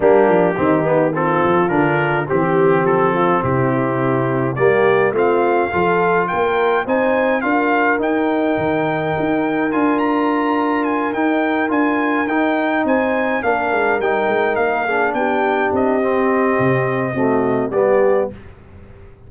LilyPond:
<<
  \new Staff \with { instrumentName = "trumpet" } { \time 4/4 \tempo 4 = 105 g'2 a'4 ais'4 | g'4 a'4 g'2 | d''4 f''2 g''4 | gis''4 f''4 g''2~ |
g''4 gis''8 ais''4. gis''8 g''8~ | g''8 gis''4 g''4 gis''4 f''8~ | f''8 g''4 f''4 g''4 dis''8~ | dis''2. d''4 | }
  \new Staff \with { instrumentName = "horn" } { \time 4/4 d'4 dis'4 f'2 | g'4. f'8 e'2 | g'4 f'4 a'4 ais'4 | c''4 ais'2.~ |
ais'1~ | ais'2~ ais'8 c''4 ais'8~ | ais'2 gis'8 g'4.~ | g'2 fis'4 g'4 | }
  \new Staff \with { instrumentName = "trombone" } { \time 4/4 ais4 c'8 b8 c'4 d'4 | c'1 | ais4 c'4 f'2 | dis'4 f'4 dis'2~ |
dis'4 f'2~ f'8 dis'8~ | dis'8 f'4 dis'2 d'8~ | d'8 dis'4. d'2 | c'2 a4 b4 | }
  \new Staff \with { instrumentName = "tuba" } { \time 4/4 g8 f8 dis4. f8 d4 | e4 f4 c2 | g4 a4 f4 ais4 | c'4 d'4 dis'4 dis4 |
dis'4 d'2~ d'8 dis'8~ | dis'8 d'4 dis'4 c'4 ais8 | gis8 g8 gis8 ais4 b4 c'8~ | c'4 c4 c'4 g4 | }
>>